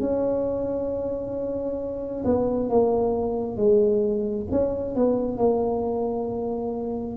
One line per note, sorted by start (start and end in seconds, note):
0.00 2.24 C#4
2.25 2.69 B3
2.69 3.57 A#3
3.57 4.46 G#3
4.51 4.95 C#4
4.95 5.38 B3
5.38 7.17 A#3